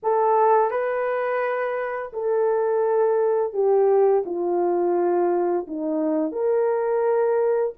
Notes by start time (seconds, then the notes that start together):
0.02 A4
0.70 B4
2.12 A4
3.53 G4
4.25 F4
5.67 D#4
6.32 A#4